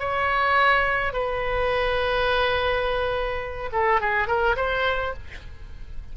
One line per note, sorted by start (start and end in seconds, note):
0.00 1.14 C#5
1.14 3.71 B4
3.72 4.01 A4
4.01 4.28 G#4
4.28 4.56 A#4
4.57 5.14 C5